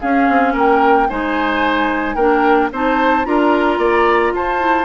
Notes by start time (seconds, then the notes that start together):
0.00 C#4 G#4 F5
0.29 C4
0.53 A#3 A#4 G5
1.09 G#3 D#4 C5 G#5
2.15 A#3 D4 A#4 G5
2.72 C4 D#4 C5 A5
3.24 D4 F4 A#4 A#5
3.78 A#3 D5
4.33 F4 C5 A5
4.59 E4